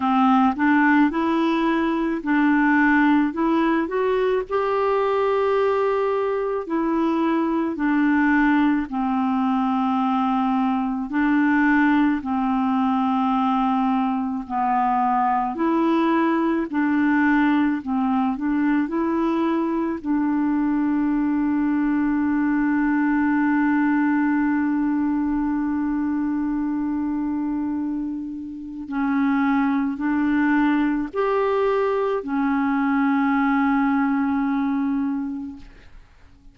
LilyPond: \new Staff \with { instrumentName = "clarinet" } { \time 4/4 \tempo 4 = 54 c'8 d'8 e'4 d'4 e'8 fis'8 | g'2 e'4 d'4 | c'2 d'4 c'4~ | c'4 b4 e'4 d'4 |
c'8 d'8 e'4 d'2~ | d'1~ | d'2 cis'4 d'4 | g'4 cis'2. | }